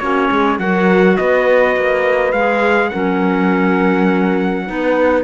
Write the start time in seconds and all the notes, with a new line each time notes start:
0.00 A#3 C#4 F#4 C#5
0.31 G#3 G#4
0.60 F#3 F#4 A#4 F#5
1.17 B3 B4 D#5
1.77 A#3
2.33 G#3 G#4 F5
2.90 F#3 C#4 A#4 F#5
4.67 B3 D#4 B4